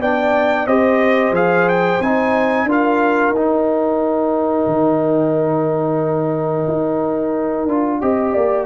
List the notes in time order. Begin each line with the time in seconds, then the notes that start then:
0.00 B3 D4 D5 G5
0.67 C4 G4 C5 D#5
1.31 F3 G#4 F5
1.69 G5
2.00 C4 D#4 G#5
2.64 D4 F4 A#4
2.71 F5
3.30 D#4 G5
3.36 D#4
4.66 D#3
6.68 D#4
7.67 D4 F4
8.00 C4 G4 D#5
8.33 A#3 D5